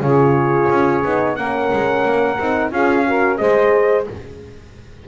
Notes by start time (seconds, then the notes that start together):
0.00 C#3 F4 G#4 C#5
0.70 C#4
1.04 B3 D#4
1.36 A#3 C#4 A#4 F#5
1.73 G#3
2.05 A#3
2.39 C4 D#4
2.71 C#4 F4 G#4 F5
3.06 F#4 A#4
3.37 G#3 G#4 C5 D#5